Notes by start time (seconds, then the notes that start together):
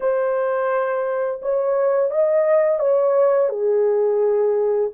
0.00 C5
1.42 C#5
2.10 D#5
2.79 C#5
3.49 G#4